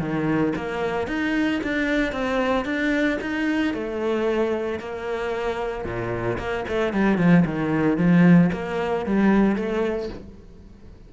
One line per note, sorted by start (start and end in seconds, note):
0.00 0.53 D#3
0.56 1.07 A#3
1.07 1.60 D#4
1.64 2.12 D4
2.12 2.65 C4
2.65 3.18 D4
3.21 3.74 D#4
3.74 4.80 A3
4.80 5.85 A#3
5.85 6.38 A#2
6.38 6.65 A#3
6.68 6.93 A3
6.93 7.18 G3
7.18 7.44 F3
7.45 7.98 D#3
7.98 8.51 F3
8.52 9.06 A#3
9.06 9.56 G3
9.56 10.09 A3